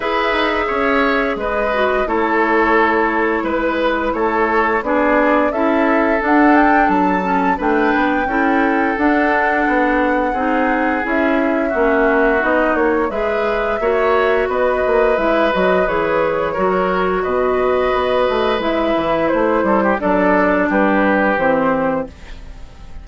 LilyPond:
<<
  \new Staff \with { instrumentName = "flute" } { \time 4/4 \tempo 4 = 87 e''2 dis''4 cis''4~ | cis''4 b'4 cis''4 d''4 | e''4 fis''8 g''8 a''4 g''4~ | g''4 fis''2. |
e''2 dis''8 cis''8 e''4~ | e''4 dis''4 e''8 dis''8 cis''4~ | cis''4 dis''2 e''4 | c''4 d''4 b'4 c''4 | }
  \new Staff \with { instrumentName = "oboe" } { \time 4/4 b'4 cis''4 b'4 a'4~ | a'4 b'4 a'4 gis'4 | a'2. b'4 | a'2. gis'4~ |
gis'4 fis'2 b'4 | cis''4 b'2. | ais'4 b'2.~ | b'8 a'16 g'16 a'4 g'2 | }
  \new Staff \with { instrumentName = "clarinet" } { \time 4/4 gis'2~ gis'8 fis'8 e'4~ | e'2. d'4 | e'4 d'4. cis'8 d'4 | e'4 d'2 dis'4 |
e'4 cis'4 dis'4 gis'4 | fis'2 e'8 fis'8 gis'4 | fis'2. e'4~ | e'4 d'2 c'4 | }
  \new Staff \with { instrumentName = "bassoon" } { \time 4/4 e'8 dis'8 cis'4 gis4 a4~ | a4 gis4 a4 b4 | cis'4 d'4 fis4 a8 b8 | cis'4 d'4 b4 c'4 |
cis'4 ais4 b8 ais8 gis4 | ais4 b8 ais8 gis8 fis8 e4 | fis4 b,4 b8 a8 gis8 e8 | a8 g8 fis4 g4 e4 | }
>>